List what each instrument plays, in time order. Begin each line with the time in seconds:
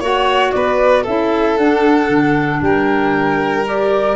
0.00 tuba A#3, clarinet F#4, violin C#5, flute F#5
0.52 tuba B3, violin B4, flute D5
1.03 tuba C#4, clarinet E4, violin A4, flute E5
1.57 tuba D4, clarinet D4, flute F#5
2.09 tuba D3
2.62 tuba G3, violin A#4, flute G5
3.65 clarinet G4, flute D5